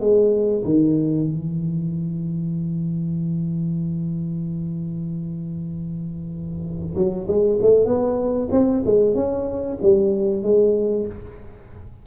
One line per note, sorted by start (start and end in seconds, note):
0.00 0.63 G#3
0.64 1.27 D#3
1.27 6.95 E3
6.95 7.26 F#3
7.27 7.59 G#3
7.61 7.85 A3
7.85 8.48 B3
8.51 8.83 C4
8.85 9.15 G#3
9.15 9.78 C#4
9.82 10.43 G3
10.43 11.06 G#3